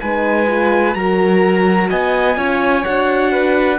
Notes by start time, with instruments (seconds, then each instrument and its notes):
0.00 cello G#3, horn D#4, violin B4, trumpet G#5
0.47 horn F4
0.94 cello F#3, horn F#4, violin A#4, trumpet A#5
1.90 cello B3, violin D#5, trumpet G#5
2.36 cello C#4, horn F4, violin C#5
2.84 cello D4, horn F#4, trumpet F#5
3.32 violin B4